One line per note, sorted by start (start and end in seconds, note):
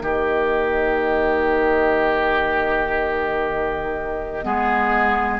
0.00 4.44 D#3
0.00 4.42 A#3
0.00 4.45 G4
0.00 5.40 D#5
4.42 5.40 G#3
4.42 5.40 B3
4.42 5.40 G#4